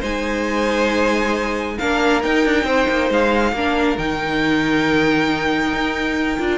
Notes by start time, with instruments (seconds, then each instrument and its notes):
0.00 cello G#3, viola D#4, violin C5 G#5
1.78 cello A#3, viola D4, violin A#4 F5
2.22 viola D#4, cello D#4, violin G5
2.45 cello D4
2.64 cello C4, violin C5
2.88 cello A#3
3.10 cello G#3, violin F5
3.52 cello A#3, viola D4, violin A#4
3.98 cello D#3, viola D#4, violin G5
5.73 cello D#4
6.39 cello D4, viola F4